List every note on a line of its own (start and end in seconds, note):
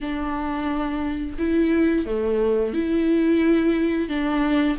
0.00 1.37 D4
1.38 2.06 E4
2.06 2.73 A3
2.73 4.08 E4
4.08 4.77 D4